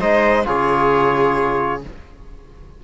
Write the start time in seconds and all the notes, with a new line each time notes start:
0.00 G#3 D#4 C5 D#5
0.45 C#3 F4 G#4 C#5